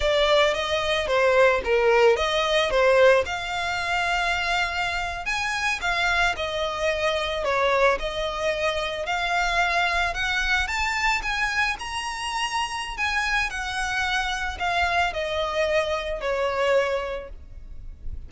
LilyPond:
\new Staff \with { instrumentName = "violin" } { \time 4/4 \tempo 4 = 111 d''4 dis''4 c''4 ais'4 | dis''4 c''4 f''2~ | f''4.~ f''16 gis''4 f''4 dis''16~ | dis''4.~ dis''16 cis''4 dis''4~ dis''16~ |
dis''8. f''2 fis''4 a''16~ | a''8. gis''4 ais''2~ ais''16 | gis''4 fis''2 f''4 | dis''2 cis''2 | }